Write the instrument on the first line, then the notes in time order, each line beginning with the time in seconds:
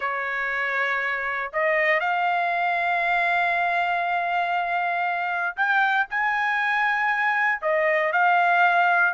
trumpet
0.00 C#5
1.52 D#5
1.99 F5
5.56 G5
6.09 G#5
7.61 D#5
8.12 F5